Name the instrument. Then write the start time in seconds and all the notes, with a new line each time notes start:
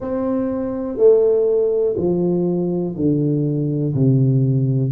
tuba
0.00 C4
0.97 A3
1.97 F3
2.95 D3
3.94 C3